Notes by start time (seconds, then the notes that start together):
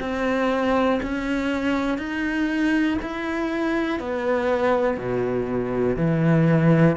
0.00 C4
1.02 C#4
1.98 D#4
3.02 E4
4.00 B3
4.97 B2
5.96 E3